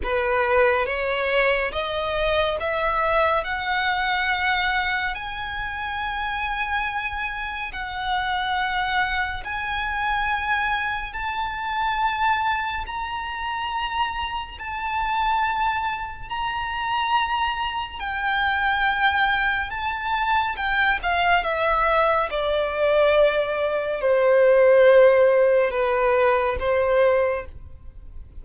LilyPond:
\new Staff \with { instrumentName = "violin" } { \time 4/4 \tempo 4 = 70 b'4 cis''4 dis''4 e''4 | fis''2 gis''2~ | gis''4 fis''2 gis''4~ | gis''4 a''2 ais''4~ |
ais''4 a''2 ais''4~ | ais''4 g''2 a''4 | g''8 f''8 e''4 d''2 | c''2 b'4 c''4 | }